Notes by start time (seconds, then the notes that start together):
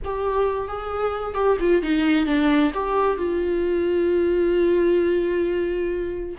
0.04 G4
0.68 G#4
1.34 G4
1.60 F4
1.82 D#4
2.26 D4
2.74 G4
3.17 F4